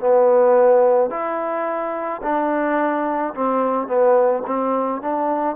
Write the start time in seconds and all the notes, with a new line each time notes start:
0.00 B3
1.11 E4
2.23 D4
3.34 C4
3.87 B3
4.47 C4
5.02 D4